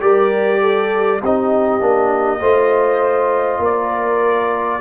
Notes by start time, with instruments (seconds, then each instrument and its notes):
0.00 tuba G3, trombone G4, horn A#4, trumpet D5
0.61 horn A4
1.22 tuba C4, trombone D#4, horn G4, trumpet D#5
1.80 tuba A#3, trombone D4
2.40 tuba A3, trombone F4, horn C5
3.58 tuba A#3, horn A#4
3.65 trumpet D5